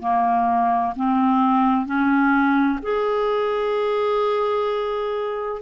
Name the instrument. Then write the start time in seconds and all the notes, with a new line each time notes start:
clarinet
0.00 A#3
0.95 C4
1.86 C#4
2.82 G#4